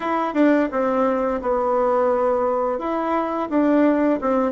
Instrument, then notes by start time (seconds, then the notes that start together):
bassoon
0.00 E4
0.34 D4
0.71 C4
1.41 B3
2.78 E4
3.49 D4
4.21 C4